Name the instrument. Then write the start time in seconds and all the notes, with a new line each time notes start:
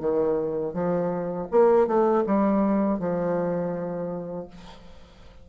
bassoon
0.00 D#3
0.74 F3
1.52 A#3
1.88 A3
2.27 G3
2.99 F3